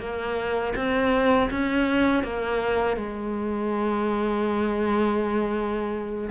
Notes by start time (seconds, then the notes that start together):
0.00 A#3
0.76 C4
1.51 C#4
2.23 A#3
2.97 G#3